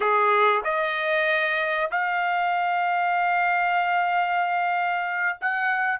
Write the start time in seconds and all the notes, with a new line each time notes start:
0.00 G#4
0.64 D#5
1.91 F5
5.40 F#5